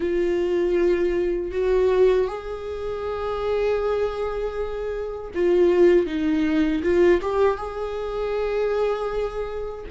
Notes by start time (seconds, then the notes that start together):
0.00 F4
1.51 F#4
2.27 G#4
5.34 F4
6.06 D#4
6.82 F4
7.21 G4
7.57 G#4